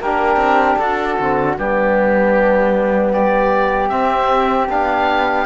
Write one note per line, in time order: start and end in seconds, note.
0.00 0.36 A#3
0.00 1.20 D4
0.00 0.80 G4
0.00 0.78 A#4
0.36 0.75 C4
0.78 1.17 D4
0.78 1.58 F#4
0.78 1.56 A4
1.19 1.58 D3
1.19 1.56 C4
1.56 3.91 G3
1.56 3.89 B3
1.56 3.13 D4
1.56 3.13 G4
3.13 5.46 G4
3.13 3.89 D5
3.89 4.67 C4
3.89 4.69 C4
3.89 4.67 E5
4.69 5.46 B3
4.69 5.46 D4
4.69 5.46 F5